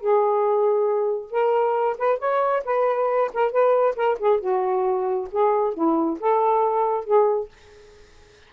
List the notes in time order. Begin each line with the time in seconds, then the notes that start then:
0.00 G#4
1.31 A#4
1.98 B4
2.19 C#5
2.65 B4
3.33 A#4
3.51 B4
3.95 A#4
4.19 G#4
4.40 F#4
5.31 G#4
5.74 E4
6.19 A4
7.04 G#4